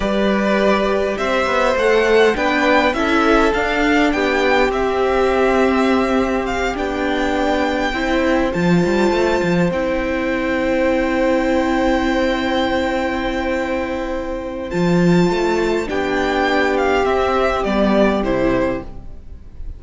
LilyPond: <<
  \new Staff \with { instrumentName = "violin" } { \time 4/4 \tempo 4 = 102 d''2 e''4 fis''4 | g''4 e''4 f''4 g''4 | e''2. f''8 g''8~ | g''2~ g''8 a''4.~ |
a''8 g''2.~ g''8~ | g''1~ | g''4 a''2 g''4~ | g''8 f''8 e''4 d''4 c''4 | }
  \new Staff \with { instrumentName = "violin" } { \time 4/4 b'2 c''2 | b'4 a'2 g'4~ | g'1~ | g'4. c''2~ c''8~ |
c''1~ | c''1~ | c''2. g'4~ | g'1 | }
  \new Staff \with { instrumentName = "viola" } { \time 4/4 g'2. a'4 | d'4 e'4 d'2 | c'2.~ c'8 d'8~ | d'4. e'4 f'4.~ |
f'8 e'2.~ e'8~ | e'1~ | e'4 f'2 d'4~ | d'4 c'4 b4 e'4 | }
  \new Staff \with { instrumentName = "cello" } { \time 4/4 g2 c'8 b8 a4 | b4 cis'4 d'4 b4 | c'2.~ c'8 b8~ | b4. c'4 f8 g8 a8 |
f8 c'2.~ c'8~ | c'1~ | c'4 f4 a4 b4~ | b4 c'4 g4 c4 | }
>>